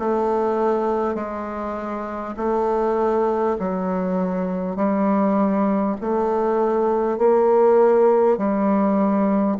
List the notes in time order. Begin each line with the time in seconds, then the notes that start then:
0.00 A3
1.16 G#3
2.37 A3
3.59 F#3
4.76 G3
6.02 A3
7.19 A#3
8.38 G3